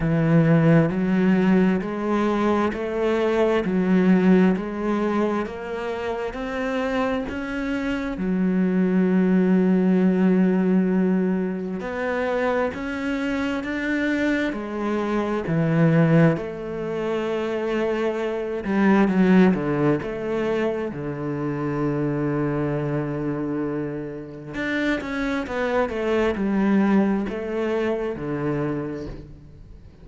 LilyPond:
\new Staff \with { instrumentName = "cello" } { \time 4/4 \tempo 4 = 66 e4 fis4 gis4 a4 | fis4 gis4 ais4 c'4 | cis'4 fis2.~ | fis4 b4 cis'4 d'4 |
gis4 e4 a2~ | a8 g8 fis8 d8 a4 d4~ | d2. d'8 cis'8 | b8 a8 g4 a4 d4 | }